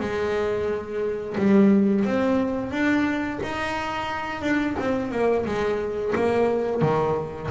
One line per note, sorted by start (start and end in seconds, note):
0.00 1.36 G#3
1.38 2.05 G3
2.05 2.72 C4
2.72 3.40 D4
3.43 4.42 D#4
4.42 4.76 D4
4.79 5.11 C4
5.11 5.45 A#3
5.46 6.14 G#3
6.16 6.82 A#3
6.82 7.50 D#3